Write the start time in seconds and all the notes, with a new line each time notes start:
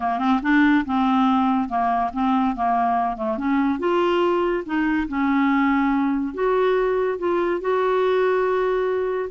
0.00 A#3
0.19 C4
0.42 D4
0.85 C4
1.68 A#3
2.13 C4
2.55 A#3
3.16 A3
3.37 C#4
3.79 F4
4.65 D#4
5.08 C#4
6.34 F#4
7.18 F4
7.60 F#4